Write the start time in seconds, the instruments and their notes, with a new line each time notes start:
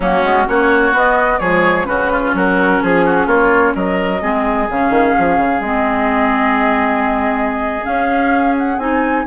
0.00 bassoon F#3, clarinet A#3, oboe C#4, flute F#4
0.23 bassoon G#3, clarinet B3
0.46 bassoon A#3, clarinet C#4, oboe F#4, flute C#5
0.92 bassoon B3, clarinet B3, flute D#5
1.39 bassoon F3, clarinet G#3, oboe G#4, flute C#5
1.84 bassoon C#3, clarinet C#4, oboe F#4, flute B4
2.12 oboe F4
2.33 bassoon F#3, oboe F#4, flute A#4
2.82 bassoon F3, flute G#4, oboe G#4
3.05 oboe F#4
3.26 bassoon A#3, oboe F4, flute C#5
3.75 bassoon F#3, oboe A#4, flute D#5
4.20 bassoon G#3, clarinet C4, oboe G#4
4.69 bassoon C#3, clarinet C#4, flute F5
4.90 bassoon D#3
5.18 bassoon F3
5.37 bassoon C#3
5.59 bassoon G#3, clarinet C4, flute D#5
7.83 clarinet C#4, bassoon C#4, flute F5
8.58 flute F#5
8.78 bassoon C4, clarinet D#4, flute G#5